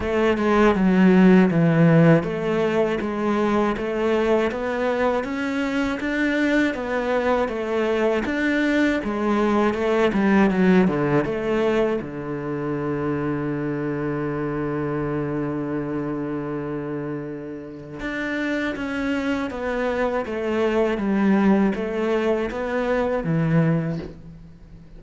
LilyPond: \new Staff \with { instrumentName = "cello" } { \time 4/4 \tempo 4 = 80 a8 gis8 fis4 e4 a4 | gis4 a4 b4 cis'4 | d'4 b4 a4 d'4 | gis4 a8 g8 fis8 d8 a4 |
d1~ | d1 | d'4 cis'4 b4 a4 | g4 a4 b4 e4 | }